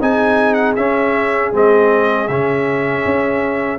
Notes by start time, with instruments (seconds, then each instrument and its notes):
0.00 tuba C4, trombone D#4, horn G#4, trumpet G#5
0.53 trumpet F#5
0.76 tuba C#4, trombone C#4, trumpet E5
1.52 tuba G#3, trombone C4, trumpet D#5
2.28 tuba C#3, trombone C#4, trumpet E5
3.05 tuba C#4